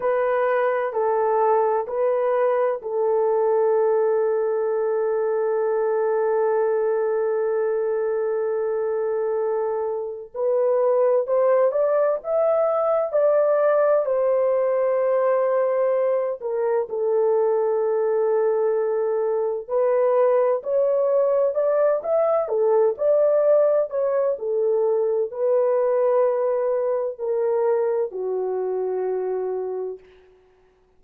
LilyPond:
\new Staff \with { instrumentName = "horn" } { \time 4/4 \tempo 4 = 64 b'4 a'4 b'4 a'4~ | a'1~ | a'2. b'4 | c''8 d''8 e''4 d''4 c''4~ |
c''4. ais'8 a'2~ | a'4 b'4 cis''4 d''8 e''8 | a'8 d''4 cis''8 a'4 b'4~ | b'4 ais'4 fis'2 | }